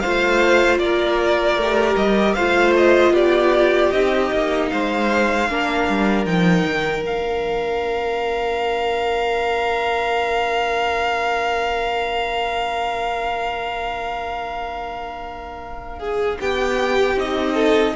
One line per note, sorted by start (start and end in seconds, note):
0.00 1.61 F4
0.00 0.80 C5
0.00 0.78 F5
0.06 0.79 A3
0.79 1.56 A#3
0.79 2.35 A#4
0.79 1.96 D5
1.56 1.95 A3
1.56 2.38 G4
1.96 2.35 G3
1.96 2.34 D#5
2.34 3.11 A3
2.34 3.93 F4
2.34 3.13 C5
2.34 2.73 F5
2.77 3.15 D#5
3.11 3.89 B3
3.11 4.69 G4
3.11 3.92 D5
3.92 4.31 C4
3.92 5.49 D#4
3.92 4.70 D#5
4.33 4.72 A#3
4.70 5.49 G#3
4.70 5.51 C5
4.70 6.26 F5
5.49 5.88 A#3
5.49 6.27 D4
5.49 16.00 A#4
5.89 6.26 G3
6.26 6.65 F3
6.26 7.02 D#4
6.26 7.04 G5
6.66 7.02 D#3
7.02 16.37 A#3
7.02 17.15 D4
7.02 16.41 F5
16.00 16.38 G#4
16.41 17.16 B3
16.41 17.55 G4
16.41 17.19 G5
17.16 17.94 C4
17.16 17.95 D#4
17.16 17.96 D#5
17.55 17.94 A4